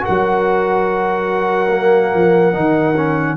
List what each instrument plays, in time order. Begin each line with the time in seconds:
0.00 trombone F#4, horn A#4, trumpet F#5
0.09 tuba F#3
1.69 trombone A#3
2.14 tuba F3
2.52 tuba D#3, trombone D#4
2.96 trombone C#4